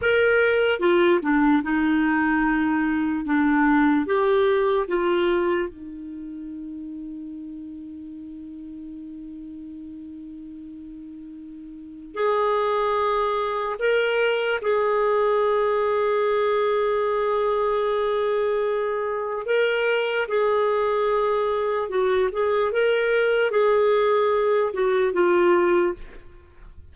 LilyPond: \new Staff \with { instrumentName = "clarinet" } { \time 4/4 \tempo 4 = 74 ais'4 f'8 d'8 dis'2 | d'4 g'4 f'4 dis'4~ | dis'1~ | dis'2. gis'4~ |
gis'4 ais'4 gis'2~ | gis'1 | ais'4 gis'2 fis'8 gis'8 | ais'4 gis'4. fis'8 f'4 | }